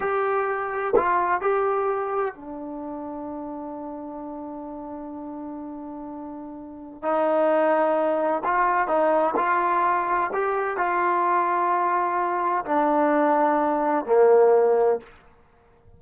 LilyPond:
\new Staff \with { instrumentName = "trombone" } { \time 4/4 \tempo 4 = 128 g'2 f'4 g'4~ | g'4 d'2.~ | d'1~ | d'2. dis'4~ |
dis'2 f'4 dis'4 | f'2 g'4 f'4~ | f'2. d'4~ | d'2 ais2 | }